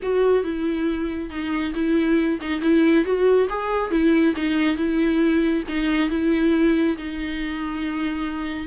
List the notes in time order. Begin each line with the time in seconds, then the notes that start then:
0.02 F#4
0.43 E4
1.29 D#4
1.74 E4
2.41 D#4
2.61 E4
3.04 F#4
3.49 G#4
3.90 E4
4.36 D#4
4.76 E4
5.68 D#4
6.09 E4
6.97 D#4